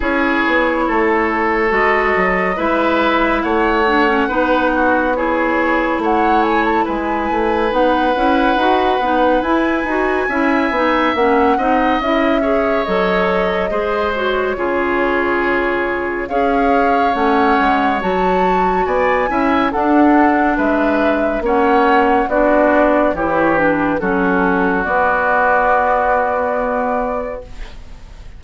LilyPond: <<
  \new Staff \with { instrumentName = "flute" } { \time 4/4 \tempo 4 = 70 cis''2 dis''4 e''4 | fis''2 cis''4 fis''8 gis''16 a''16 | gis''4 fis''2 gis''4~ | gis''4 fis''4 e''4 dis''4~ |
dis''8 cis''2~ cis''8 f''4 | fis''4 a''4 gis''4 fis''4 | e''4 fis''4 d''4 cis''8 b'8 | a'4 d''2. | }
  \new Staff \with { instrumentName = "oboe" } { \time 4/4 gis'4 a'2 b'4 | cis''4 b'8 fis'8 gis'4 cis''4 | b'1 | e''4. dis''4 cis''4. |
c''4 gis'2 cis''4~ | cis''2 d''8 e''8 a'4 | b'4 cis''4 fis'4 g'4 | fis'1 | }
  \new Staff \with { instrumentName = "clarinet" } { \time 4/4 e'2 fis'4 e'4~ | e'8 d'16 cis'16 dis'4 e'2~ | e'4 dis'8 e'8 fis'8 dis'8 e'8 fis'8 | e'8 dis'8 cis'8 dis'8 e'8 gis'8 a'4 |
gis'8 fis'8 f'2 gis'4 | cis'4 fis'4. e'8 d'4~ | d'4 cis'4 d'4 e'8 d'8 | cis'4 b2. | }
  \new Staff \with { instrumentName = "bassoon" } { \time 4/4 cis'8 b8 a4 gis8 fis8 gis4 | a4 b2 a4 | gis8 a8 b8 cis'8 dis'8 b8 e'8 dis'8 | cis'8 b8 ais8 c'8 cis'4 fis4 |
gis4 cis2 cis'4 | a8 gis8 fis4 b8 cis'8 d'4 | gis4 ais4 b4 e4 | fis4 b2. | }
>>